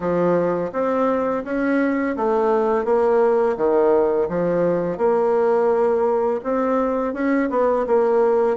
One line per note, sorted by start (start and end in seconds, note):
0.00 0.71 F3
0.72 1.44 C4
1.44 2.16 C#4
2.16 2.84 A3
2.84 3.56 A#3
3.56 4.28 D#3
4.29 4.97 F3
4.97 6.40 A#3
6.43 7.13 C4
7.13 7.49 C#4
7.50 7.85 B3
7.86 8.56 A#3